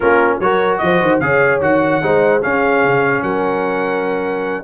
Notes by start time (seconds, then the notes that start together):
0.00 A#3 C#4 F4 A#4
0.39 F#3 F#4 A#4 C#5
0.77 F3 C5 D#5
1.01 D#3
1.20 C#3 G#4 C#5 F5
1.60 D#3 F#4 F#5
2.02 G#3 D#4 C5
2.41 C#4 G#4 F5
2.84 C#3
3.22 F#3 A#4 F#5